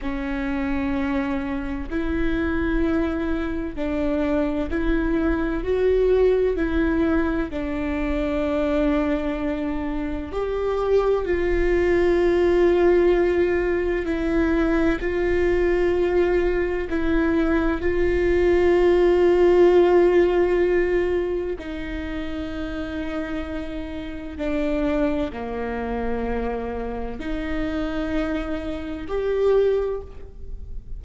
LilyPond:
\new Staff \with { instrumentName = "viola" } { \time 4/4 \tempo 4 = 64 cis'2 e'2 | d'4 e'4 fis'4 e'4 | d'2. g'4 | f'2. e'4 |
f'2 e'4 f'4~ | f'2. dis'4~ | dis'2 d'4 ais4~ | ais4 dis'2 g'4 | }